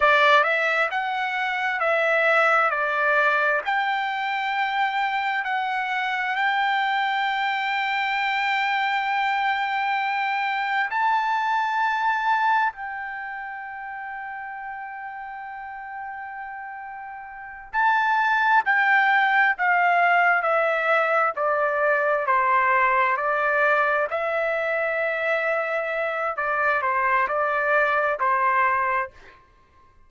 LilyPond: \new Staff \with { instrumentName = "trumpet" } { \time 4/4 \tempo 4 = 66 d''8 e''8 fis''4 e''4 d''4 | g''2 fis''4 g''4~ | g''1 | a''2 g''2~ |
g''2.~ g''8 a''8~ | a''8 g''4 f''4 e''4 d''8~ | d''8 c''4 d''4 e''4.~ | e''4 d''8 c''8 d''4 c''4 | }